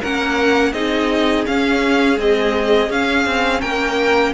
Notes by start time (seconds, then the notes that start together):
0.00 A#3 C#4 A#4 F#5
0.72 C4 D#4 G#4 D#5
1.45 C#4 F5
2.16 G#3 C4 D#5
2.89 C#4 F5
3.25 C4
3.60 A#3 A#4 G5